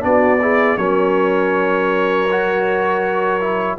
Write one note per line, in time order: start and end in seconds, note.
0.00 0.77 B3
0.00 0.38 D4
0.00 0.40 F#4
0.00 0.77 D5
0.40 0.78 E4
0.40 0.78 G#4
0.77 3.77 F#3
0.77 2.28 C#4
0.77 3.78 A#4
0.77 3.77 C#5
2.30 3.40 F#4
3.40 3.78 E4